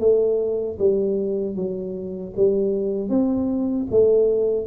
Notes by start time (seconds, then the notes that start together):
0.00 A3
0.79 G3
1.56 F#3
2.37 G3
3.10 C4
3.91 A3